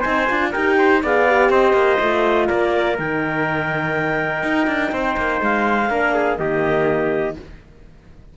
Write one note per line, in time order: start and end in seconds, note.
0.00 0.29 C4
0.00 0.27 D#4
0.00 0.49 C5
0.00 0.50 G#5
0.28 0.54 D4
0.28 0.53 F4
0.51 1.03 D#4
0.51 1.02 G4
0.51 0.76 A#4
0.51 1.00 G5
0.78 1.02 C5
1.02 1.49 B3
1.02 1.27 G#4
1.02 1.50 D5
1.02 1.50 F5
1.27 1.99 G4
1.49 1.73 C4
1.49 2.47 C5
1.49 2.47 D#5
1.73 1.97 A#3
1.99 2.48 A3
1.99 2.97 F4
2.47 2.98 A#3
2.47 4.91 A#4
2.47 2.96 D5
2.97 4.43 D#3
2.97 5.89 D#4
2.97 5.42 G5
4.43 4.67 D#4
4.67 4.91 D4
4.92 5.16 C4
4.92 5.90 C5
5.16 5.41 A#3
5.41 5.89 G#3
5.41 6.36 F5
5.89 6.38 A#3
5.89 6.38 D4
5.89 6.14 A#4
6.14 6.38 G#4
6.36 7.36 D#3
6.36 7.36 A#3
6.36 7.37 G4
6.36 7.34 D#5